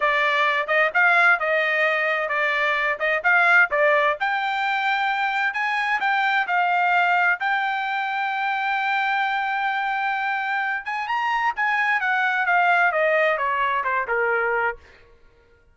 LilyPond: \new Staff \with { instrumentName = "trumpet" } { \time 4/4 \tempo 4 = 130 d''4. dis''8 f''4 dis''4~ | dis''4 d''4. dis''8 f''4 | d''4 g''2. | gis''4 g''4 f''2 |
g''1~ | g''2.~ g''8 gis''8 | ais''4 gis''4 fis''4 f''4 | dis''4 cis''4 c''8 ais'4. | }